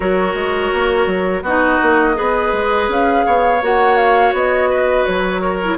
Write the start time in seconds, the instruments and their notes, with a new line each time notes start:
0.00 bassoon F#3, clarinet F#4, oboe A#4, flute C#5
0.34 bassoon G#3
0.73 bassoon A#3
1.06 bassoon F#3
1.41 bassoon B3, clarinet D#4, oboe F#4, flute D#5
1.81 bassoon A#3
2.14 bassoon B3, clarinet G#4, oboe B4
2.52 bassoon G#3
2.88 bassoon C#4, flute F5
3.26 bassoon B3, oboe C#5
3.62 bassoon A#3, clarinet F#4, flute F#5
3.97 flute F5
4.32 bassoon B3, flute D#5
4.69 oboe B4
5.05 bassoon F#3, flute C#5
5.41 oboe A#4
5.63 clarinet E4